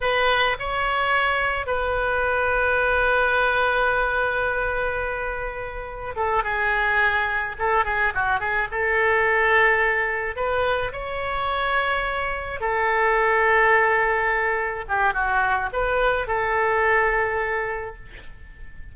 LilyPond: \new Staff \with { instrumentName = "oboe" } { \time 4/4 \tempo 4 = 107 b'4 cis''2 b'4~ | b'1~ | b'2. a'8 gis'8~ | gis'4. a'8 gis'8 fis'8 gis'8 a'8~ |
a'2~ a'8 b'4 cis''8~ | cis''2~ cis''8 a'4.~ | a'2~ a'8 g'8 fis'4 | b'4 a'2. | }